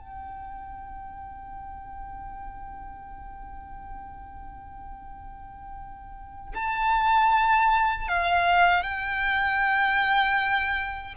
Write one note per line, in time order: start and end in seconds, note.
0.00 6.54 G5
6.55 8.09 A5
8.09 8.84 F5
8.84 11.14 G5